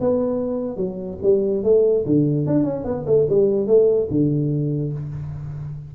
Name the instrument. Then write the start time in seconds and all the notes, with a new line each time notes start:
tuba
0.00 B3
0.76 F#3
1.22 G3
1.63 A3
2.05 D3
2.46 D4
2.63 C#4
2.84 B3
3.06 A3
3.29 G3
3.67 A3
4.10 D3